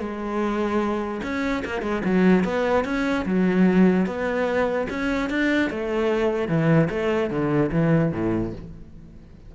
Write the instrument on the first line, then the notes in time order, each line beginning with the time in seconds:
cello
0.00 G#3
1.23 C#4
1.65 A#3
1.82 G#3
2.05 F#3
2.45 B3
2.85 C#4
3.26 F#3
4.07 B3
4.90 C#4
5.30 D4
5.71 A3
6.48 E3
6.90 A3
7.30 D3
7.72 E3
8.13 A2